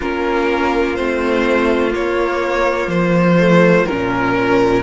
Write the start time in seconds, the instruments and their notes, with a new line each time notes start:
0.00 cello A#3, viola C#4, violin F4 A#4
0.95 cello A3, viola C4, violin C5
1.91 viola A#3, cello A#3, violin C#5
2.87 cello F3, violin C5
3.39 viola A3
3.85 cello A#2, viola C#4, violin A#4